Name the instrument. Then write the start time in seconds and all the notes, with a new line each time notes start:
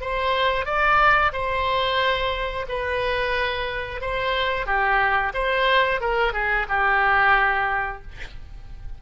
oboe
0.00 C5
0.65 D5
1.32 C5
2.68 B4
4.01 C5
4.65 G4
5.34 C5
6.00 A#4
6.33 G#4
6.68 G4